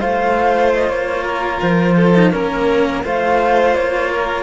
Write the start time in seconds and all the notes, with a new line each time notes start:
0.00 A3 F4 C5 F5
0.73 D#5
0.90 A#3 C#5
1.24 A#4
1.62 F3 C5
1.96 A4
2.15 D#4
2.31 A#3 C#4 A#4
3.04 A3 F4 C5 F5
3.75 A#3 C#5
4.11 A#4